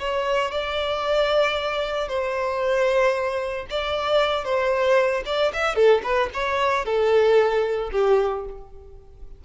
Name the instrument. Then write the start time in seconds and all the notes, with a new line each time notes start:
violin
0.00 C#5
0.52 D5
2.09 C5
3.71 D5
4.45 C5
5.26 D5
5.54 E5
5.76 A4
6.04 B4
6.34 C#5
6.86 A4
7.93 G4